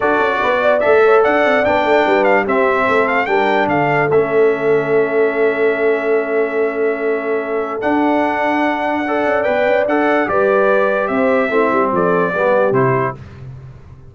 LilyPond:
<<
  \new Staff \with { instrumentName = "trumpet" } { \time 4/4 \tempo 4 = 146 d''2 e''4 fis''4 | g''4. f''8 e''4. f''8 | g''4 f''4 e''2~ | e''1~ |
e''2. fis''4~ | fis''2. g''4 | fis''4 d''2 e''4~ | e''4 d''2 c''4 | }
  \new Staff \with { instrumentName = "horn" } { \time 4/4 a'4 b'8 d''4 cis''8 d''4~ | d''4 b'4 g'4 a'4 | ais'4 a'2.~ | a'1~ |
a'1~ | a'2 d''2~ | d''4 b'2 c''4 | e'4 a'4 g'2 | }
  \new Staff \with { instrumentName = "trombone" } { \time 4/4 fis'2 a'2 | d'2 c'2 | d'2 cis'2~ | cis'1~ |
cis'2. d'4~ | d'2 a'4 b'4 | a'4 g'2. | c'2 b4 e'4 | }
  \new Staff \with { instrumentName = "tuba" } { \time 4/4 d'8 cis'8 b4 a4 d'8 c'8 | b8 a8 g4 c'4 a4 | g4 d4 a2~ | a1~ |
a2. d'4~ | d'2~ d'8 cis'8 b8 cis'8 | d'4 g2 c'4 | a8 g8 f4 g4 c4 | }
>>